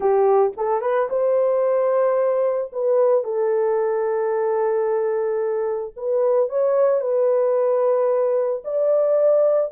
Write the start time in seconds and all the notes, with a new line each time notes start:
0.00 G4
0.56 A4
0.81 B4
1.09 C5
2.72 B4
3.23 A4
5.96 B4
6.49 C#5
7.00 B4
8.64 D5